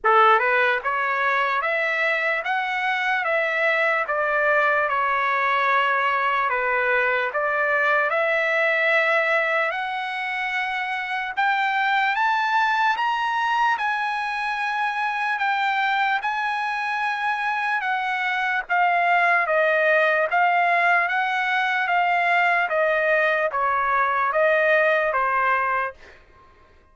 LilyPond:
\new Staff \with { instrumentName = "trumpet" } { \time 4/4 \tempo 4 = 74 a'8 b'8 cis''4 e''4 fis''4 | e''4 d''4 cis''2 | b'4 d''4 e''2 | fis''2 g''4 a''4 |
ais''4 gis''2 g''4 | gis''2 fis''4 f''4 | dis''4 f''4 fis''4 f''4 | dis''4 cis''4 dis''4 c''4 | }